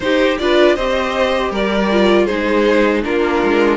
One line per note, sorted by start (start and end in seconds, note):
0.00 0.38 D#4
0.00 0.39 D#4
0.00 0.41 G4
0.00 0.37 C5
0.38 0.76 D4
0.38 0.77 F4
0.38 0.75 B4
0.38 0.75 D5
0.75 1.50 C4
0.75 1.91 G4
0.75 1.51 C5
0.75 1.51 D#5
1.50 2.26 G3
1.50 2.25 A#4
1.50 2.26 D5
1.91 2.29 F4
2.25 3.05 G#3
2.25 3.03 D#4
2.25 3.01 G#4
2.25 3.02 C5
3.03 3.43 A#3
3.03 3.77 D4
3.03 3.77 F4
3.03 3.77 A#4
3.43 3.77 G#3